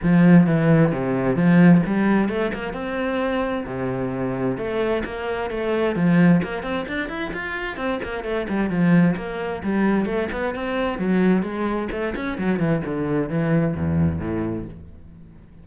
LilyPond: \new Staff \with { instrumentName = "cello" } { \time 4/4 \tempo 4 = 131 f4 e4 c4 f4 | g4 a8 ais8 c'2 | c2 a4 ais4 | a4 f4 ais8 c'8 d'8 e'8 |
f'4 c'8 ais8 a8 g8 f4 | ais4 g4 a8 b8 c'4 | fis4 gis4 a8 cis'8 fis8 e8 | d4 e4 e,4 a,4 | }